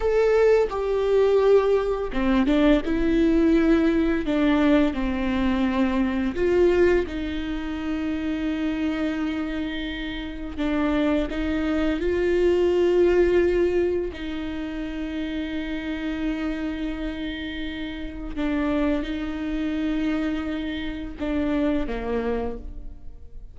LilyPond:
\new Staff \with { instrumentName = "viola" } { \time 4/4 \tempo 4 = 85 a'4 g'2 c'8 d'8 | e'2 d'4 c'4~ | c'4 f'4 dis'2~ | dis'2. d'4 |
dis'4 f'2. | dis'1~ | dis'2 d'4 dis'4~ | dis'2 d'4 ais4 | }